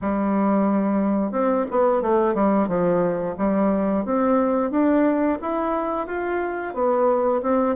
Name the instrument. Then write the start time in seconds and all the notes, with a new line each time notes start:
bassoon
0.01 G3
1.31 C4
1.70 B3
2.02 A3
2.34 G3
2.68 F3
3.37 G3
4.04 C4
4.70 D4
5.41 E4
6.06 F4
6.74 B3
7.42 C4